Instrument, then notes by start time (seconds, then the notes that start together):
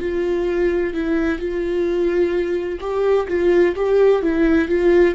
viola
0.00 F4
0.94 E4
1.39 F4
2.81 G4
3.29 F4
3.76 G4
4.23 E4
4.69 F4